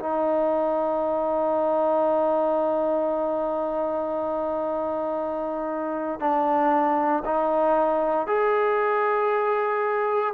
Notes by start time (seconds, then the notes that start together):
0.00 D#4
6.20 D4
7.26 D#4
8.28 G#4